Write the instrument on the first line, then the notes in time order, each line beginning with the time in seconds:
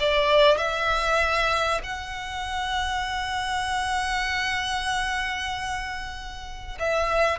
violin
0.00 D5
0.58 E5
1.84 F#5
6.80 E5